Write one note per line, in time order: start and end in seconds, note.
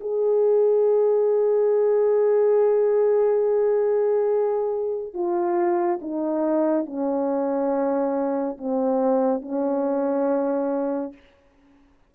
0.00 5.14 G#4
5.14 5.99 F4
6.01 6.85 D#4
6.85 8.57 C#4
8.58 9.41 C4
9.41 11.13 C#4